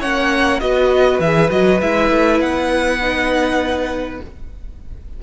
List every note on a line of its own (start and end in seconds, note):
0.00 0.61 A#3
0.00 0.61 C#4
0.00 0.60 C#5
0.00 0.60 F#5
0.60 1.20 B3
0.60 1.21 F#4
0.60 4.23 B4
0.60 1.20 D#5
1.20 1.50 E3
1.20 1.50 G#4
1.20 1.50 E5
1.50 1.81 F#3
1.50 1.80 F#4
1.50 1.81 D#5
1.81 2.11 G#3
1.81 3.01 E4
1.81 2.41 E5
2.11 2.40 A3
2.40 4.20 B3
2.40 4.21 F#5
3.01 4.21 D#4